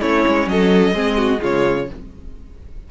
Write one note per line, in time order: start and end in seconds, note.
0.00 0.25 A3
0.00 0.94 C#4
0.00 0.47 E4
0.00 0.48 C#5
0.26 0.46 G#3
0.46 0.92 F#3
0.46 0.95 A4
0.46 1.43 D#5
0.92 1.40 G#3
0.92 1.38 C4
0.92 1.17 G#4
1.17 1.41 F#4
1.38 1.90 C#3
1.38 1.85 G#3
1.38 1.88 F4
1.38 1.91 C#5